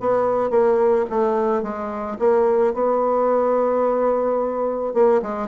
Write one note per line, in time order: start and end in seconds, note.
0.00 0.50 B3
0.50 1.05 A#3
1.10 1.62 A3
1.62 2.17 G#3
2.19 2.73 A#3
2.73 4.93 B3
4.93 5.21 A#3
5.22 5.48 G#3